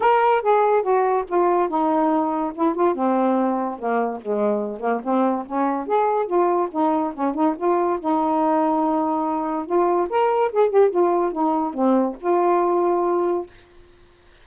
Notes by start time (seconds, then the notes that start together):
0.00 A#4
0.41 G#4
0.82 F#4
1.28 F4
1.68 D#4
2.54 E4
2.74 F4
2.95 C4
3.79 A#3
4.21 G#3
4.80 A#3
5.03 C4
5.45 C#4
5.86 G#4
6.26 F4
6.71 D#4
7.13 C#4
7.34 D#4
7.57 F4
7.99 D#4
9.66 F4
10.09 A#4
10.52 G#4
10.69 G4
10.90 F4
11.32 D#4
11.74 C4
12.20 F4